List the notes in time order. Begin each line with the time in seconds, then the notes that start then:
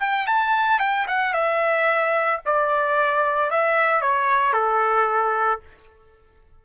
0.00 G5
0.27 A5
0.80 G5
1.08 F#5
1.34 E5
2.45 D5
3.51 E5
4.02 C#5
4.53 A4